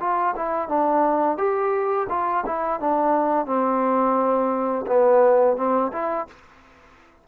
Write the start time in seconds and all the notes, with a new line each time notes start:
0.00 F4
0.36 E4
0.68 D4
1.38 G4
2.09 F4
2.46 E4
2.80 D4
3.46 C4
4.87 B3
5.57 C4
5.92 E4